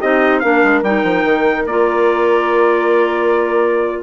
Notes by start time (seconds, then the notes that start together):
0.00 C4 D#4 G4 D#5
0.40 A#3 D4 A#4 F5
0.64 G#3
0.83 G3 D#4 G5
1.04 F3
1.25 D#3
1.66 A#3 F4 D5